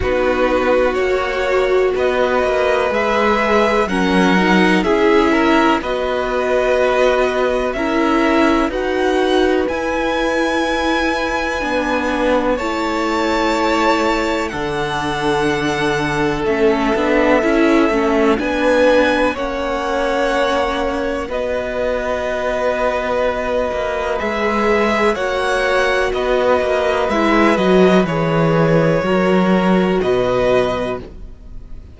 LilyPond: <<
  \new Staff \with { instrumentName = "violin" } { \time 4/4 \tempo 4 = 62 b'4 cis''4 dis''4 e''4 | fis''4 e''4 dis''2 | e''4 fis''4 gis''2~ | gis''4 a''2 fis''4~ |
fis''4 e''2 gis''4 | fis''2 dis''2~ | dis''4 e''4 fis''4 dis''4 | e''8 dis''8 cis''2 dis''4 | }
  \new Staff \with { instrumentName = "violin" } { \time 4/4 fis'2 b'2 | ais'4 gis'8 ais'8 b'2 | ais'4 b'2.~ | b'4 cis''2 a'4~ |
a'2. b'4 | cis''2 b'2~ | b'2 cis''4 b'4~ | b'2 ais'4 b'4 | }
  \new Staff \with { instrumentName = "viola" } { \time 4/4 dis'4 fis'2 gis'4 | cis'8 dis'8 e'4 fis'2 | e'4 fis'4 e'2 | d'4 e'2 d'4~ |
d'4 cis'8 d'8 e'8 cis'8 d'4 | cis'2 fis'2~ | fis'4 gis'4 fis'2 | e'8 fis'8 gis'4 fis'2 | }
  \new Staff \with { instrumentName = "cello" } { \time 4/4 b4 ais4 b8 ais8 gis4 | fis4 cis'4 b2 | cis'4 dis'4 e'2 | b4 a2 d4~ |
d4 a8 b8 cis'8 a8 b4 | ais2 b2~ | b8 ais8 gis4 ais4 b8 ais8 | gis8 fis8 e4 fis4 b,4 | }
>>